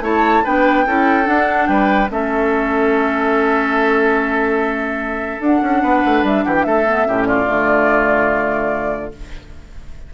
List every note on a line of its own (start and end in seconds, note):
0.00 0.41 A3
0.00 0.44 E4
0.00 0.44 C#5
0.00 0.46 A5
0.44 0.87 B3
0.44 0.86 D4
0.44 0.85 B4
0.44 1.27 G5
0.86 1.27 C#4
0.86 1.24 E4
0.86 1.69 A4
1.24 2.07 D4
1.24 1.68 D4
1.24 1.67 F#5
1.67 2.09 G3
1.67 2.11 B4
1.67 2.08 G5
2.10 5.39 A3
2.10 5.41 C#4
2.10 5.82 A4
2.10 5.42 E5
5.39 5.60 D4
5.39 6.86 D4
5.39 6.25 F#5
5.62 5.82 C#4
5.82 6.03 B3
5.82 6.44 B4
6.05 6.23 A3
6.23 6.44 G3
6.23 6.43 E5
6.43 6.65 E3
6.43 6.66 G4
6.43 6.54 F#5
6.55 6.63 G5
6.63 7.06 A3
6.63 7.07 A4
6.63 7.25 E5
6.86 7.06 B3
7.06 7.47 A2
7.06 7.46 C#4
7.06 7.27 G4
7.26 9.14 F4
7.26 9.12 D5
7.46 9.12 D3
7.46 9.11 A3